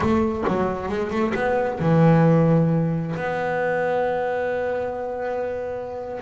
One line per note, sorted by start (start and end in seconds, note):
0.00 0.44 A3
0.47 0.88 F#3
0.88 1.10 G#3
1.10 1.33 A3
1.34 1.79 B3
1.79 3.15 E3
3.15 6.20 B3